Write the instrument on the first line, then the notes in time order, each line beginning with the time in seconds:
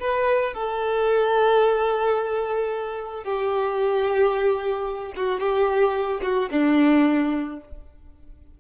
violin
0.00 B4
0.54 A4
3.24 G4
5.16 F#4
5.40 G4
6.22 F#4
6.51 D4